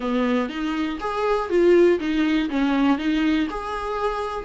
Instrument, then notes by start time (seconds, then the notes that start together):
viola
0.00 B3
0.49 D#4
1.00 G#4
1.49 F4
1.99 D#4
2.49 C#4
2.98 D#4
3.50 G#4